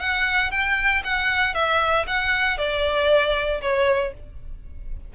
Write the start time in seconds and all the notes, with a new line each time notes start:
0.00 F#5
0.51 G5
1.04 F#5
1.54 E5
2.07 F#5
2.58 D5
3.62 C#5